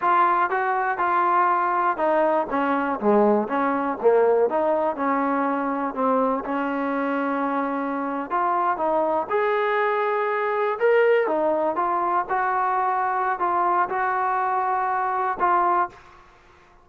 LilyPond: \new Staff \with { instrumentName = "trombone" } { \time 4/4 \tempo 4 = 121 f'4 fis'4 f'2 | dis'4 cis'4 gis4 cis'4 | ais4 dis'4 cis'2 | c'4 cis'2.~ |
cis'8. f'4 dis'4 gis'4~ gis'16~ | gis'4.~ gis'16 ais'4 dis'4 f'16~ | f'8. fis'2~ fis'16 f'4 | fis'2. f'4 | }